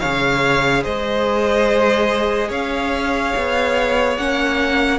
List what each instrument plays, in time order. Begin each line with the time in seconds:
0.00 cello C#3, viola G#4, violin C#5 F5
0.84 cello G#3, violin C5 D#5
2.49 cello C#4, violin C#5 F5
3.36 cello B3
4.18 cello A#3, viola C#4, violin F#5